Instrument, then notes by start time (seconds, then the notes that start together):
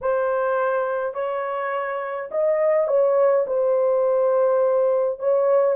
horn
0.01 C5
1.14 C#5
2.31 D#5
2.87 C#5
3.46 C5
5.19 C#5